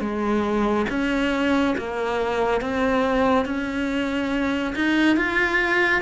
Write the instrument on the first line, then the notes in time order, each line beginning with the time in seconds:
cello
0.00 G#3
0.89 C#4
1.77 A#3
2.61 C4
3.45 C#4
4.75 D#4
5.17 F4